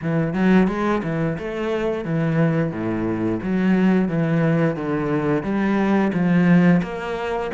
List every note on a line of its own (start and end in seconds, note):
0.01 0.33 E3
0.33 0.67 F#3
0.67 1.01 G#3
1.03 1.37 E3
1.38 2.05 A3
2.05 2.71 E3
2.71 3.39 A2
3.42 4.08 F#3
4.08 4.75 E3
4.75 5.43 D3
5.43 6.11 G3
6.13 6.81 F3
6.82 7.50 A#3